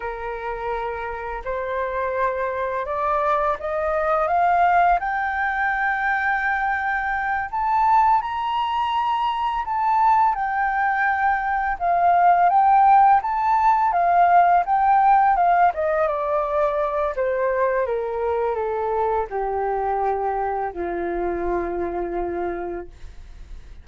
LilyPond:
\new Staff \with { instrumentName = "flute" } { \time 4/4 \tempo 4 = 84 ais'2 c''2 | d''4 dis''4 f''4 g''4~ | g''2~ g''8 a''4 ais''8~ | ais''4. a''4 g''4.~ |
g''8 f''4 g''4 a''4 f''8~ | f''8 g''4 f''8 dis''8 d''4. | c''4 ais'4 a'4 g'4~ | g'4 f'2. | }